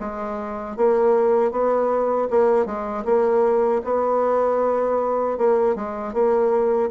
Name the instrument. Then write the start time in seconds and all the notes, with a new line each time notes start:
bassoon
0.00 G#3
0.77 A#3
1.52 B3
2.31 A#3
2.66 G#3
3.05 A#3
3.84 B3
5.38 A#3
5.76 G#3
6.14 A#3